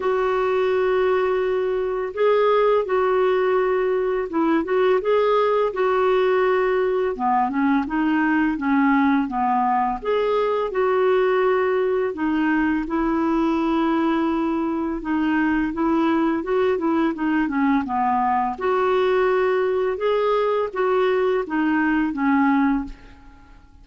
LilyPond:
\new Staff \with { instrumentName = "clarinet" } { \time 4/4 \tempo 4 = 84 fis'2. gis'4 | fis'2 e'8 fis'8 gis'4 | fis'2 b8 cis'8 dis'4 | cis'4 b4 gis'4 fis'4~ |
fis'4 dis'4 e'2~ | e'4 dis'4 e'4 fis'8 e'8 | dis'8 cis'8 b4 fis'2 | gis'4 fis'4 dis'4 cis'4 | }